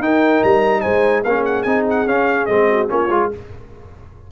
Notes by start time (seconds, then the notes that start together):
0.00 D#4 A#4 G5
0.44 G3 A#5
0.81 G#3 C5 G#5
1.24 A#3 C#4 G#4 F5
1.46 F#5
1.63 C4 D#4 G#5
1.90 F#5
2.07 C#4 F5
2.46 G#3 C4 D#5
2.70 F#4
2.88 A#3 C#4 F4 C#5
3.11 G#3 F4